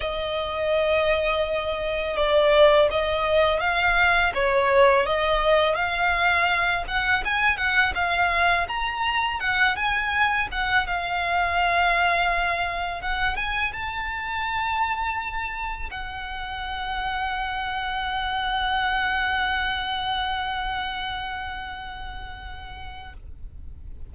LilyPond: \new Staff \with { instrumentName = "violin" } { \time 4/4 \tempo 4 = 83 dis''2. d''4 | dis''4 f''4 cis''4 dis''4 | f''4. fis''8 gis''8 fis''8 f''4 | ais''4 fis''8 gis''4 fis''8 f''4~ |
f''2 fis''8 gis''8 a''4~ | a''2 fis''2~ | fis''1~ | fis''1 | }